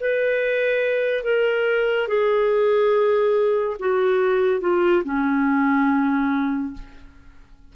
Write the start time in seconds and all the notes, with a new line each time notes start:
0.00 B4
1.24 A#4
2.08 G#4
3.80 F#4
4.61 F4
5.04 C#4